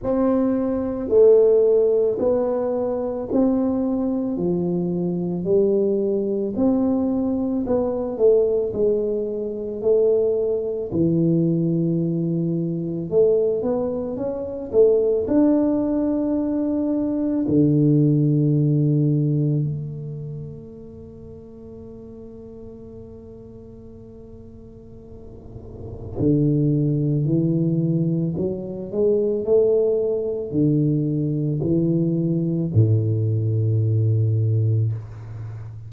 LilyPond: \new Staff \with { instrumentName = "tuba" } { \time 4/4 \tempo 4 = 55 c'4 a4 b4 c'4 | f4 g4 c'4 b8 a8 | gis4 a4 e2 | a8 b8 cis'8 a8 d'2 |
d2 a2~ | a1 | d4 e4 fis8 gis8 a4 | d4 e4 a,2 | }